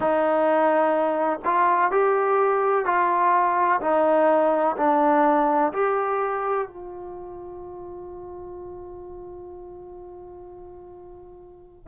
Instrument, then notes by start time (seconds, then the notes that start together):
trombone
0.00 D#4
1.44 F4
1.91 G4
2.85 F4
3.81 D#4
4.77 D4
5.72 G4
6.67 F4